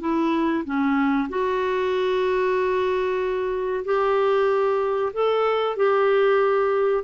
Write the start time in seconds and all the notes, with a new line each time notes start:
0.00 E4
0.64 C#4
1.29 F#4
3.85 G4
5.13 A4
5.76 G4